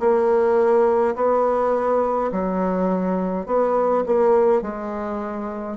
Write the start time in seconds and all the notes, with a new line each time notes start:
0.00 A#3
1.16 B3
2.32 F#3
3.46 B3
4.06 A#3
4.62 G#3